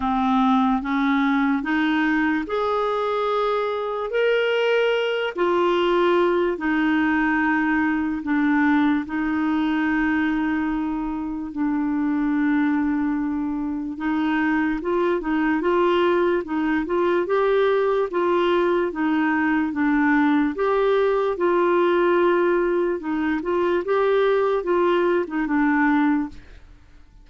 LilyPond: \new Staff \with { instrumentName = "clarinet" } { \time 4/4 \tempo 4 = 73 c'4 cis'4 dis'4 gis'4~ | gis'4 ais'4. f'4. | dis'2 d'4 dis'4~ | dis'2 d'2~ |
d'4 dis'4 f'8 dis'8 f'4 | dis'8 f'8 g'4 f'4 dis'4 | d'4 g'4 f'2 | dis'8 f'8 g'4 f'8. dis'16 d'4 | }